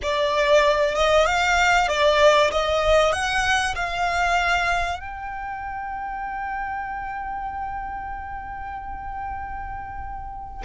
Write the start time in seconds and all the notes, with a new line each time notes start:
0.02 D5
0.95 D#5
1.26 F5
1.88 D5
2.51 D#5
3.12 F#5
3.75 F5
5.00 G5